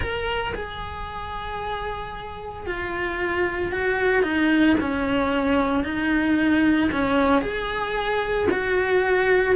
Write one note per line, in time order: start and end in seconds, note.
0.00 0.53 A#4
0.54 2.66 G#4
2.66 3.72 F4
3.72 4.22 F#4
4.22 4.75 D#4
4.80 5.84 C#4
5.84 6.90 D#4
6.91 7.41 C#4
7.41 8.47 G#4
8.51 9.55 F#4